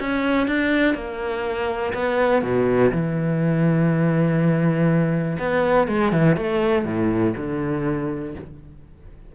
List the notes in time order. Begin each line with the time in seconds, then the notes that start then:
0.00 C#4
0.48 D4
0.95 A#3
1.94 B3
2.43 B2
2.92 E3
5.39 B3
5.88 G#3
6.13 E3
6.37 A3
6.86 A2
7.37 D3